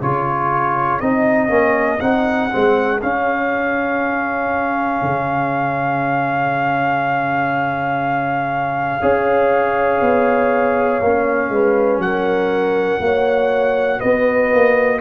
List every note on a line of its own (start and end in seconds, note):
0.00 1.01 C#3
0.00 1.01 F4
0.00 9.00 G#4
0.00 1.01 C#5
1.01 1.50 C4
1.01 1.49 D#4
1.01 2.01 D#5
1.49 2.00 A#3
1.49 1.99 C#4
2.00 2.52 C4
2.00 2.50 D#4
2.00 3.01 F#5
2.51 3.03 G#3
2.51 3.01 C4
3.02 9.02 C#4
3.02 5.02 C#4
3.02 12.01 F5
5.02 9.02 C#3
9.01 10.01 C#4
9.01 11.02 G#4
9.01 11.51 C#5
10.01 11.01 B3
11.01 11.50 A#3
11.01 13.02 C#4
11.50 11.99 G#3
11.50 12.03 B4
11.99 12.99 F#3
11.99 13.04 A#4
11.99 14.01 F#5
13.00 14.00 A#3
13.00 15.01 F#4
13.00 14.00 C#5
14.00 14.54 B3
14.00 15.00 B4
14.00 15.01 D#5
14.54 15.01 A#3